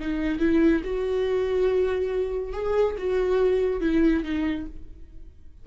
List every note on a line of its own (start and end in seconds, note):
0.00 0.40 D#4
0.40 0.82 E4
0.85 2.53 F#4
2.53 2.96 G#4
2.98 3.81 F#4
3.81 4.24 E4
4.24 4.67 D#4